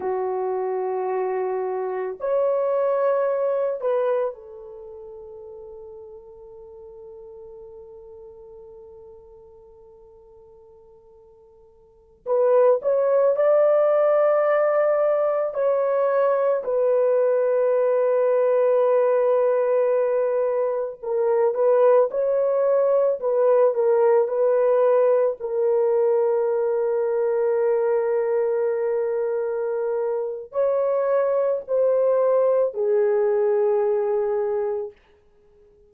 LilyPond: \new Staff \with { instrumentName = "horn" } { \time 4/4 \tempo 4 = 55 fis'2 cis''4. b'8 | a'1~ | a'2.~ a'16 b'8 cis''16~ | cis''16 d''2 cis''4 b'8.~ |
b'2.~ b'16 ais'8 b'16~ | b'16 cis''4 b'8 ais'8 b'4 ais'8.~ | ais'1 | cis''4 c''4 gis'2 | }